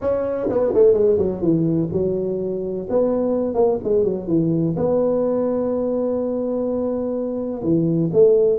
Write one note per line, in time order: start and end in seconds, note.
0.01 0.48 C#4
0.49 0.73 B3
0.73 0.93 A3
0.93 1.17 G#3
1.18 1.41 F#3
1.41 1.89 E3
1.92 2.87 F#3
2.89 3.54 B3
3.54 3.78 A#3
3.83 4.03 G#3
4.03 4.27 F#3
4.27 4.75 E3
4.76 7.62 B3
7.62 8.10 E3
8.13 8.59 A3